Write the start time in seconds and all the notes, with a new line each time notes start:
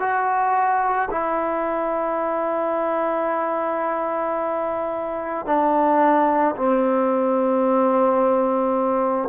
0.00 F#4
1.11 E4
5.46 D4
6.57 C4